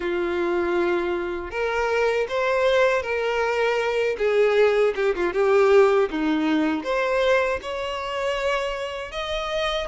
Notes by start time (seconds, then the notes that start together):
0.00 F4
1.50 A#4
2.29 C5
3.02 A#4
4.18 G#4
4.95 G4
5.15 F4
5.33 G4
6.10 D#4
6.83 C5
7.62 C#5
9.11 D#5